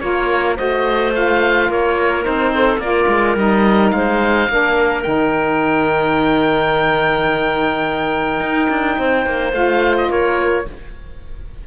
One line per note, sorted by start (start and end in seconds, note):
0.00 0.59 A#3
0.00 0.56 F4
0.00 0.57 A#4
0.00 0.56 C#5
0.56 1.70 A3
0.56 1.12 F#4
0.56 1.69 C5
0.56 1.14 D#5
1.13 2.22 F4
1.13 1.71 F5
1.69 2.26 A#3
1.69 2.53 A#4
1.69 2.25 C#5
2.22 2.77 C4
2.22 2.79 D#4
2.22 2.80 C5
2.55 2.83 A4
2.77 3.05 A#3
2.77 3.36 F4
2.77 3.95 A#4
2.77 3.36 D5
3.08 3.36 G#3
3.36 3.92 G3
3.36 4.49 D#4
3.36 3.91 D#5
3.91 4.49 G#3
3.91 4.51 C5
3.91 5.03 F5
4.49 5.05 A#3
4.49 5.03 D4
4.49 8.98 A#4
5.03 8.40 D#3
5.03 9.52 D#4
5.03 9.52 G5
8.40 8.68 D#4
8.70 8.98 D4
8.98 9.26 C4
8.98 10.09 C5
9.26 9.53 A#3
9.53 10.09 A3
9.53 10.65 F4
9.53 9.97 F5
9.98 10.11 D#5
10.09 10.66 A#3
10.09 10.65 A#4
10.09 10.67 C#5